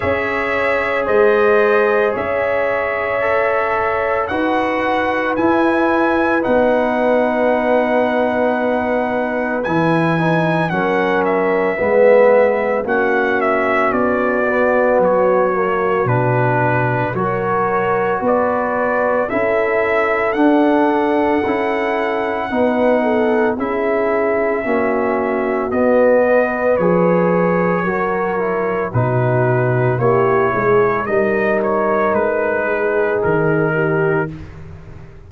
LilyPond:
<<
  \new Staff \with { instrumentName = "trumpet" } { \time 4/4 \tempo 4 = 56 e''4 dis''4 e''2 | fis''4 gis''4 fis''2~ | fis''4 gis''4 fis''8 e''4. | fis''8 e''8 d''4 cis''4 b'4 |
cis''4 d''4 e''4 fis''4~ | fis''2 e''2 | dis''4 cis''2 b'4 | cis''4 dis''8 cis''8 b'4 ais'4 | }
  \new Staff \with { instrumentName = "horn" } { \time 4/4 cis''4 c''4 cis''2 | b'1~ | b'2 ais'4 b'4 | fis'1 |
ais'4 b'4 a'2~ | a'4 b'8 a'8 gis'4 fis'4~ | fis'8 b'4. ais'4 fis'4 | g'8 gis'8 ais'4. gis'4 g'8 | }
  \new Staff \with { instrumentName = "trombone" } { \time 4/4 gis'2. a'4 | fis'4 e'4 dis'2~ | dis'4 e'8 dis'8 cis'4 b4 | cis'4. b4 ais8 d'4 |
fis'2 e'4 d'4 | e'4 dis'4 e'4 cis'4 | b4 gis'4 fis'8 e'8 dis'4 | e'4 dis'2. | }
  \new Staff \with { instrumentName = "tuba" } { \time 4/4 cis'4 gis4 cis'2 | dis'4 e'4 b2~ | b4 e4 fis4 gis4 | ais4 b4 fis4 b,4 |
fis4 b4 cis'4 d'4 | cis'4 b4 cis'4 ais4 | b4 f4 fis4 b,4 | ais8 gis8 g4 gis4 dis4 | }
>>